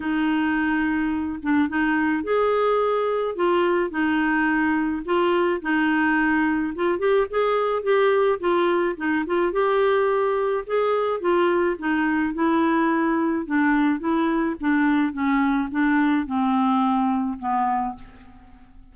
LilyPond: \new Staff \with { instrumentName = "clarinet" } { \time 4/4 \tempo 4 = 107 dis'2~ dis'8 d'8 dis'4 | gis'2 f'4 dis'4~ | dis'4 f'4 dis'2 | f'8 g'8 gis'4 g'4 f'4 |
dis'8 f'8 g'2 gis'4 | f'4 dis'4 e'2 | d'4 e'4 d'4 cis'4 | d'4 c'2 b4 | }